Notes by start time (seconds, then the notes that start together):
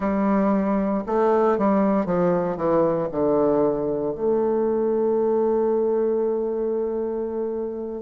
0.00 G3
1.06 A3
1.58 G3
2.05 F3
2.56 E3
3.11 D3
4.14 A3